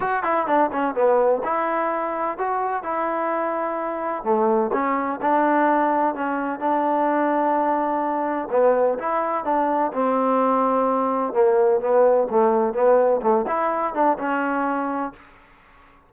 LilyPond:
\new Staff \with { instrumentName = "trombone" } { \time 4/4 \tempo 4 = 127 fis'8 e'8 d'8 cis'8 b4 e'4~ | e'4 fis'4 e'2~ | e'4 a4 cis'4 d'4~ | d'4 cis'4 d'2~ |
d'2 b4 e'4 | d'4 c'2. | ais4 b4 a4 b4 | a8 e'4 d'8 cis'2 | }